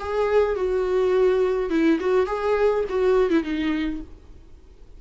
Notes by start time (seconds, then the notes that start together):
0.00 G#4
0.56 F#4
1.70 E4
2.01 F#4
2.27 G#4
2.90 F#4
3.30 E4
3.44 D#4